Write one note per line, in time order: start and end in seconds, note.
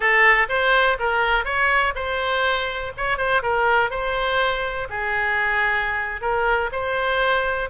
0.00 0.47 A4
0.48 0.97 C5
0.99 1.44 A#4
1.44 1.93 C#5
1.95 2.92 C5
2.97 3.17 C#5
3.17 3.42 C5
3.42 3.90 A#4
3.90 4.88 C5
4.89 6.21 G#4
6.21 6.70 A#4
6.72 7.69 C5